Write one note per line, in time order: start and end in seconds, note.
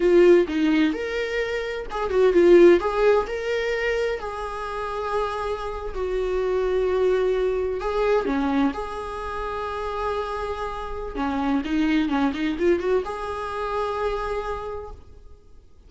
0.00 0.47 F4
0.48 0.93 D#4
0.93 1.86 A#4
1.90 2.10 G#4
2.10 2.33 F#4
2.33 2.79 F4
2.79 3.26 G#4
3.26 4.19 A#4
4.19 5.94 G#4
5.94 7.80 F#4
7.80 8.25 G#4
8.25 8.72 C#4
8.73 11.15 G#4
11.15 11.62 C#4
11.64 12.09 D#4
12.09 12.32 C#4
12.33 12.57 D#4
12.59 12.79 F4
12.79 13.03 F#4
13.04 14.90 G#4